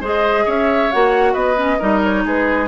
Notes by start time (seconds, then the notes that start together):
0.00 G#3 G#4 C5 D#5
0.45 C#4 C#5 E5
0.91 A#3 F#4 F#5
1.33 B3 B4 D#5
1.55 C#4
1.79 G3 D#4 A#4
2.03 C#5
2.25 G#3 G#4 B4